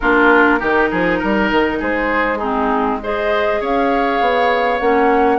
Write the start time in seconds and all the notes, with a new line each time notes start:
0.00 A#3 D4 F4 A#4
0.58 D#3 D#4 G4
0.91 F3 G#4
1.19 G3 A#4
1.51 D#3
1.79 G#3 G#4 C5
2.37 C4 D#4 G#4
3.02 G#4 C5 D#5
3.60 C#4 C#5 F5
4.20 B3
4.79 A#3 C#4 F#5